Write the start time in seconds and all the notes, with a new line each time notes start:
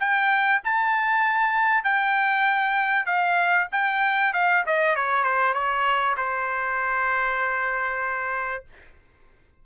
0.00 G5
0.64 A5
1.84 G5
3.06 F5
3.72 G5
4.34 F5
4.66 D#5
4.96 C#5
5.24 C5
5.54 C#5
6.17 C5